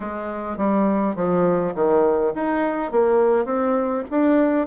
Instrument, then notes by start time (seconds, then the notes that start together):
bassoon
0.00 G#3
0.57 G3
1.15 F3
1.74 D#3
2.35 D#4
2.91 A#3
3.45 C4
4.10 D4